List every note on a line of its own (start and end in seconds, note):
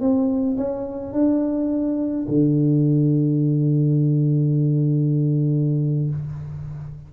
0.00 0.57 C4
0.57 1.13 C#4
1.13 2.26 D4
2.28 6.10 D3